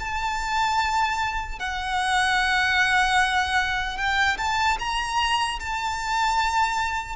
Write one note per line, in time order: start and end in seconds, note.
0.00 1.60 A5
1.60 3.97 F#5
3.97 4.37 G5
4.38 4.78 A5
4.80 5.60 A#5
5.60 7.16 A5